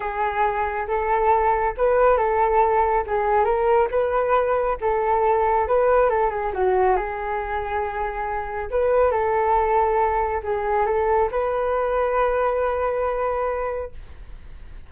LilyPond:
\new Staff \with { instrumentName = "flute" } { \time 4/4 \tempo 4 = 138 gis'2 a'2 | b'4 a'2 gis'4 | ais'4 b'2 a'4~ | a'4 b'4 a'8 gis'8 fis'4 |
gis'1 | b'4 a'2. | gis'4 a'4 b'2~ | b'1 | }